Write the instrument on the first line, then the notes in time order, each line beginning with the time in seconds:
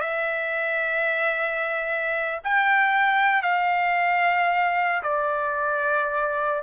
trumpet
0.00 E5
2.44 G5
3.42 F5
5.03 D5